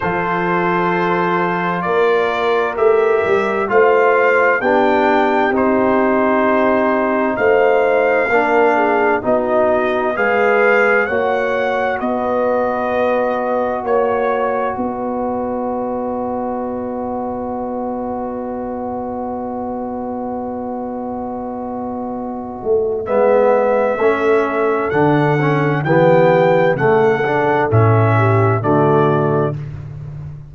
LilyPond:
<<
  \new Staff \with { instrumentName = "trumpet" } { \time 4/4 \tempo 4 = 65 c''2 d''4 e''4 | f''4 g''4 c''2 | f''2 dis''4 f''4 | fis''4 dis''2 cis''4 |
dis''1~ | dis''1~ | dis''4 e''2 fis''4 | g''4 fis''4 e''4 d''4 | }
  \new Staff \with { instrumentName = "horn" } { \time 4/4 a'2 ais'2 | c''4 g'2. | c''4 ais'8 gis'8 fis'4 b'4 | cis''4 b'2 cis''4 |
b'1~ | b'1~ | b'2 a'2 | g'4 a'4. g'8 fis'4 | }
  \new Staff \with { instrumentName = "trombone" } { \time 4/4 f'2. g'4 | f'4 d'4 dis'2~ | dis'4 d'4 dis'4 gis'4 | fis'1~ |
fis'1~ | fis'1~ | fis'4 b4 cis'4 d'8 cis'8 | b4 a8 d'8 cis'4 a4 | }
  \new Staff \with { instrumentName = "tuba" } { \time 4/4 f2 ais4 a8 g8 | a4 b4 c'2 | a4 ais4 b4 gis4 | ais4 b2 ais4 |
b1~ | b1~ | b8 a8 gis4 a4 d4 | e4 cis4 a,4 d4 | }
>>